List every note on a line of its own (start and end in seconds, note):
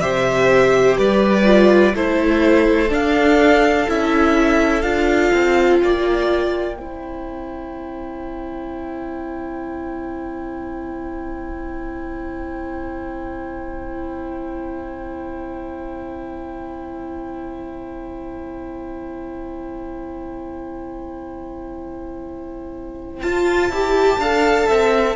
0.00 0.98 C3
0.00 1.44 G4
0.00 0.98 C5
0.00 0.97 E5
0.98 1.95 G3
0.98 1.95 B4
0.98 1.95 D5
1.44 1.92 F4
1.95 2.91 A3
1.95 2.90 E4
1.95 5.82 A4
1.95 2.93 C5
2.90 3.86 D4
2.90 3.88 D4
2.90 3.90 F5
3.88 4.83 C#4
3.88 4.83 E4
3.88 4.82 E5
4.82 5.31 D4
4.82 6.77 F4
4.82 5.79 F5
5.33 5.82 C4
5.79 6.79 A#3
5.79 6.78 D5
5.79 23.21 G5
6.78 23.24 C4
6.78 23.24 E4
6.78 24.20 C5
23.22 23.69 F4
23.22 23.73 F4
23.22 25.16 A5
23.69 24.18 E4
23.69 24.22 G4
24.18 24.67 D4
24.18 25.17 A4
24.18 24.68 F5
24.68 25.17 C4
24.68 25.16 E5